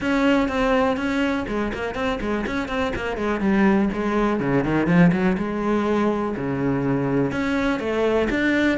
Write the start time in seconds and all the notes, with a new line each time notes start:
0.00 C#4
0.48 C4
0.96 C#4
1.47 G#3
1.73 A#3
1.94 C4
2.20 G#3
2.46 C#4
2.68 C4
2.95 A#3
3.17 G#3
3.40 G3
3.93 G#3
4.40 C#3
4.63 D#3
4.86 F3
5.12 F#3
5.37 G#3
6.36 C#3
7.31 C#4
7.79 A3
8.30 D4